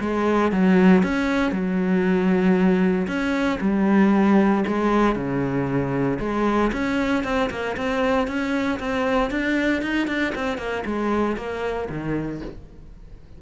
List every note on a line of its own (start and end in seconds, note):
0.00 0.51 G#3
0.51 1.03 F#3
1.03 1.51 C#4
1.51 3.07 F#3
3.07 3.59 C#4
3.60 4.64 G3
4.67 5.15 G#3
5.15 6.18 C#3
6.19 6.71 G#3
6.72 7.23 C#4
7.23 7.49 C4
7.50 7.76 A#3
7.76 8.27 C4
8.27 8.79 C#4
8.79 9.30 C4
9.30 9.82 D4
9.82 10.07 D#4
10.07 10.33 D4
10.35 10.58 C4
10.58 10.83 A#3
10.85 11.37 G#3
11.37 11.88 A#3
11.89 12.41 D#3